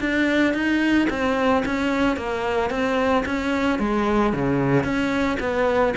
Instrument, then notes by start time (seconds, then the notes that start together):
cello
0.00 D4
0.54 D#4
1.10 C4
1.65 C#4
2.17 A#3
2.70 C4
3.25 C#4
3.79 G#3
4.33 C#3
4.84 C#4
5.40 B3